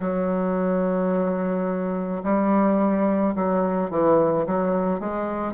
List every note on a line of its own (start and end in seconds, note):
0.00 2.22 F#3
2.23 3.34 G3
3.35 3.90 F#3
3.90 4.45 E3
4.46 5.00 F#3
5.00 5.53 G#3